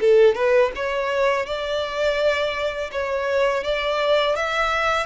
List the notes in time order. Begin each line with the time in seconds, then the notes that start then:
0.00 A4
0.35 B4
0.75 C#5
1.46 D5
2.91 C#5
3.63 D5
4.35 E5